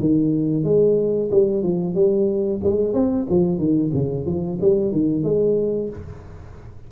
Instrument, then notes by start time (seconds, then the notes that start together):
tuba
0.00 D#3
0.64 G#3
1.31 G3
1.63 F3
1.95 G3
2.64 G#3
2.94 C4
3.30 F3
3.58 D#3
3.94 C#3
4.26 F3
4.61 G3
4.92 D#3
5.24 G#3